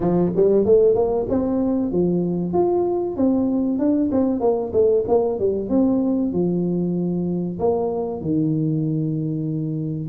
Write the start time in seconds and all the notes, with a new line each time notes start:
0.00 F3
0.36 G3
0.65 A3
0.94 A#3
1.29 C4
1.91 F3
2.53 F4
3.16 C4
3.78 D4
4.11 C4
4.40 A#3
4.72 A3
5.08 A#3
5.39 G3
5.69 C4
6.32 F3
7.59 A#3
8.21 D#3